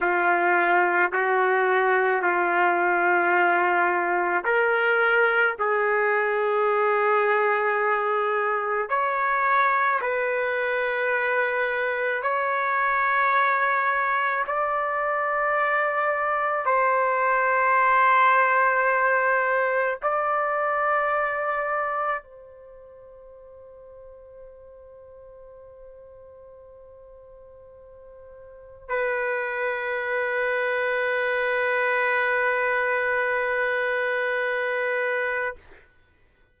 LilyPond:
\new Staff \with { instrumentName = "trumpet" } { \time 4/4 \tempo 4 = 54 f'4 fis'4 f'2 | ais'4 gis'2. | cis''4 b'2 cis''4~ | cis''4 d''2 c''4~ |
c''2 d''2 | c''1~ | c''2 b'2~ | b'1 | }